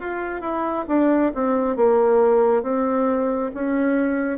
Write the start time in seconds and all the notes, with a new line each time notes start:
0.00 F4
0.41 E4
0.88 D4
1.35 C4
1.76 A#3
2.63 C4
3.54 C#4